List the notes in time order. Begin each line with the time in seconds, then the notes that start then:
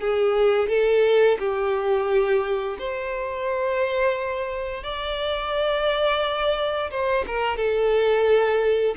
0.00 G#4
0.68 A4
1.39 G4
2.78 C5
4.83 D5
6.90 C5
7.26 A#4
7.56 A4